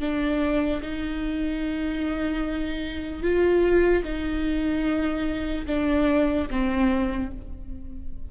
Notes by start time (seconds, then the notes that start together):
0.00 D4
0.82 D#4
3.22 F4
4.04 D#4
5.66 D4
6.50 C4